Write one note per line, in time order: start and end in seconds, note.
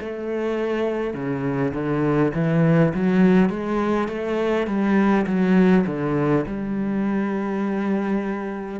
0.00 1.14 A3
1.14 1.73 C#3
1.74 2.33 D3
2.34 2.93 E3
2.94 3.49 F#3
3.49 4.08 G#3
4.08 4.67 A3
4.67 5.26 G3
5.26 5.85 F#3
5.86 6.45 D3
6.47 8.80 G3